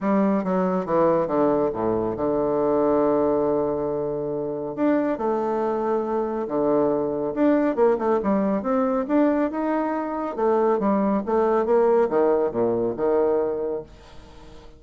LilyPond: \new Staff \with { instrumentName = "bassoon" } { \time 4/4 \tempo 4 = 139 g4 fis4 e4 d4 | a,4 d2.~ | d2. d'4 | a2. d4~ |
d4 d'4 ais8 a8 g4 | c'4 d'4 dis'2 | a4 g4 a4 ais4 | dis4 ais,4 dis2 | }